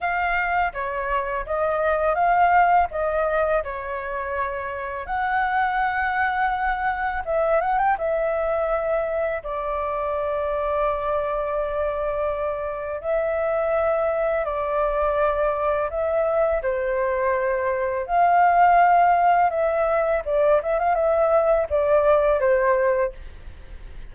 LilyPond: \new Staff \with { instrumentName = "flute" } { \time 4/4 \tempo 4 = 83 f''4 cis''4 dis''4 f''4 | dis''4 cis''2 fis''4~ | fis''2 e''8 fis''16 g''16 e''4~ | e''4 d''2.~ |
d''2 e''2 | d''2 e''4 c''4~ | c''4 f''2 e''4 | d''8 e''16 f''16 e''4 d''4 c''4 | }